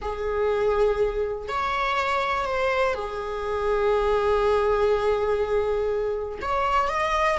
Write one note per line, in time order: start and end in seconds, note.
0.01 1.48 G#4
1.48 2.45 C#5
2.45 2.94 C5
2.94 6.38 G#4
6.41 6.89 C#5
6.89 7.38 D#5